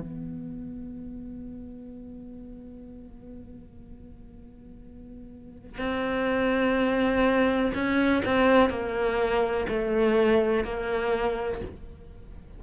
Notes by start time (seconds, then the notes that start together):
0.00 B3
5.78 C4
7.74 C#4
8.24 C4
8.69 A#3
9.68 A3
10.64 A#3